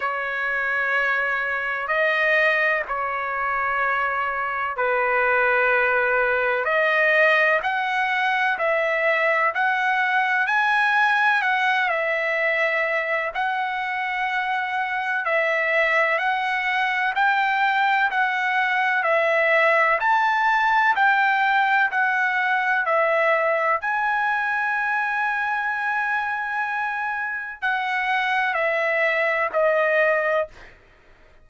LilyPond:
\new Staff \with { instrumentName = "trumpet" } { \time 4/4 \tempo 4 = 63 cis''2 dis''4 cis''4~ | cis''4 b'2 dis''4 | fis''4 e''4 fis''4 gis''4 | fis''8 e''4. fis''2 |
e''4 fis''4 g''4 fis''4 | e''4 a''4 g''4 fis''4 | e''4 gis''2.~ | gis''4 fis''4 e''4 dis''4 | }